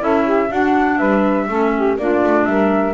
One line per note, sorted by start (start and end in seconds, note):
0.00 0.50 C#4
0.00 0.49 E4
0.00 0.25 A4
0.00 0.52 E5
0.25 0.49 G4
0.49 1.00 D4
0.49 1.50 D4
0.49 0.98 F#4
0.49 0.98 F#5
0.98 1.49 G3
0.98 1.48 B4
0.98 1.97 E5
1.49 1.98 A3
1.49 1.99 C#4
1.49 1.73 A4
1.76 2.00 G4
1.98 2.23 A#3
1.98 2.94 D4
1.98 2.49 F4
1.98 2.46 D5
2.24 2.46 A3
2.46 2.94 G3
2.46 2.94 A#4
2.46 2.94 E5